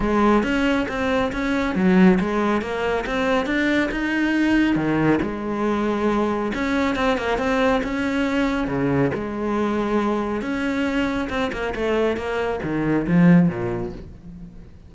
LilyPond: \new Staff \with { instrumentName = "cello" } { \time 4/4 \tempo 4 = 138 gis4 cis'4 c'4 cis'4 | fis4 gis4 ais4 c'4 | d'4 dis'2 dis4 | gis2. cis'4 |
c'8 ais8 c'4 cis'2 | cis4 gis2. | cis'2 c'8 ais8 a4 | ais4 dis4 f4 ais,4 | }